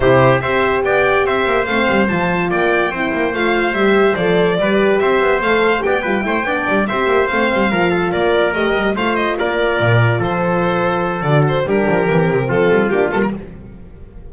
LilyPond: <<
  \new Staff \with { instrumentName = "violin" } { \time 4/4 \tempo 4 = 144 c''4 e''4 g''4 e''4 | f''4 a''4 g''2 | f''4 e''4 d''2 | e''4 f''4 g''2~ |
g''8 e''4 f''2 d''8~ | d''8 dis''4 f''8 dis''8 d''4.~ | d''8 c''2~ c''8 d''8 c''8 | ais'2 a'4 g'8 a'16 ais'16 | }
  \new Staff \with { instrumentName = "trumpet" } { \time 4/4 g'4 c''4 d''4 c''4~ | c''2 d''4 c''4~ | c''2. b'4 | c''2 d''8 b'8 c''8 d''8~ |
d''8 c''2 ais'8 a'8 ais'8~ | ais'4. c''4 ais'4.~ | ais'8 a'2.~ a'8 | g'2 f'2 | }
  \new Staff \with { instrumentName = "horn" } { \time 4/4 e'4 g'2. | c'4 f'2 e'4 | f'4 g'4 a'4 g'4~ | g'4 a'4 g'8 f'8 e'8 d'8~ |
d'8 g'4 c'4 f'4.~ | f'8 g'4 f'2~ f'8~ | f'2. fis'4 | d'4 c'2 d'8 ais8 | }
  \new Staff \with { instrumentName = "double bass" } { \time 4/4 c4 c'4 b4 c'8 ais8 | a8 g8 f4 ais4 c'8 ais8 | a4 g4 f4 g4 | c'8 b8 a4 b8 g8 a8 b8 |
g8 c'8 ais8 a8 g8 f4 ais8~ | ais8 a8 g8 a4 ais4 ais,8~ | ais,8 f2~ f8 d4 | g8 f8 e8 c8 f8 g8 ais8 g8 | }
>>